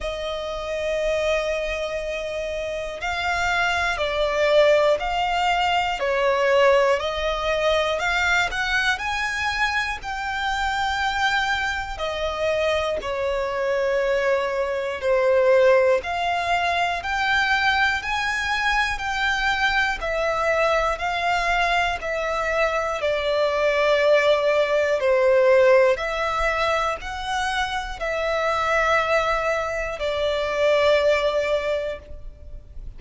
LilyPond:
\new Staff \with { instrumentName = "violin" } { \time 4/4 \tempo 4 = 60 dis''2. f''4 | d''4 f''4 cis''4 dis''4 | f''8 fis''8 gis''4 g''2 | dis''4 cis''2 c''4 |
f''4 g''4 gis''4 g''4 | e''4 f''4 e''4 d''4~ | d''4 c''4 e''4 fis''4 | e''2 d''2 | }